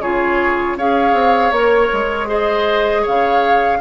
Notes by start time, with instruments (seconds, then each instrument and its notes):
0.00 bassoon C#3, clarinet F4, oboe G#4, flute C#5
0.76 bassoon C#4, clarinet G#4, oboe C#5, flute F5
1.13 bassoon C4
1.51 bassoon A#3, clarinet A#4, flute C#5
1.93 bassoon G#3
2.27 clarinet G#4, oboe C5, flute D#5
3.02 bassoon C#3, oboe C#5, flute F5